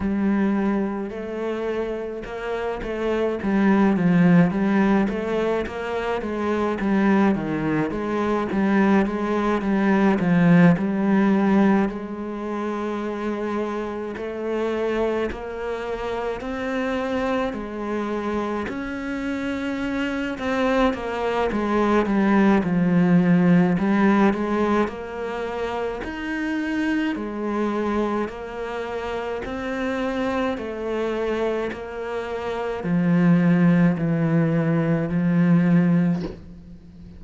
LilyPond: \new Staff \with { instrumentName = "cello" } { \time 4/4 \tempo 4 = 53 g4 a4 ais8 a8 g8 f8 | g8 a8 ais8 gis8 g8 dis8 gis8 g8 | gis8 g8 f8 g4 gis4.~ | gis8 a4 ais4 c'4 gis8~ |
gis8 cis'4. c'8 ais8 gis8 g8 | f4 g8 gis8 ais4 dis'4 | gis4 ais4 c'4 a4 | ais4 f4 e4 f4 | }